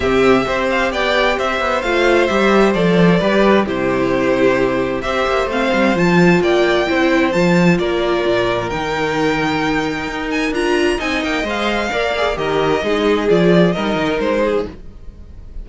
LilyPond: <<
  \new Staff \with { instrumentName = "violin" } { \time 4/4 \tempo 4 = 131 e''4. f''8 g''4 e''4 | f''4 e''4 d''2 | c''2. e''4 | f''4 a''4 g''2 |
a''4 d''2 g''4~ | g''2~ g''8 gis''8 ais''4 | gis''8 g''8 f''2 dis''4~ | dis''4 d''4 dis''4 c''4 | }
  \new Staff \with { instrumentName = "violin" } { \time 4/4 g'4 c''4 d''4 c''4~ | c''2. b'4 | g'2. c''4~ | c''2 d''4 c''4~ |
c''4 ais'2.~ | ais'1 | dis''2 d''4 ais'4 | gis'2 ais'4. gis'8 | }
  \new Staff \with { instrumentName = "viola" } { \time 4/4 c'4 g'2. | f'4 g'4 a'4 g'4 | e'2. g'4 | c'4 f'2 e'4 |
f'2. dis'4~ | dis'2. f'4 | dis'4 c''4 ais'8 gis'8 g'4 | dis'4 f'4 dis'2 | }
  \new Staff \with { instrumentName = "cello" } { \time 4/4 c4 c'4 b4 c'8 b8 | a4 g4 f4 g4 | c2. c'8 ais8 | a8 g8 f4 ais4 c'4 |
f4 ais4 ais,4 dis4~ | dis2 dis'4 d'4 | c'8 ais8 gis4 ais4 dis4 | gis4 f4 g8 dis8 gis4 | }
>>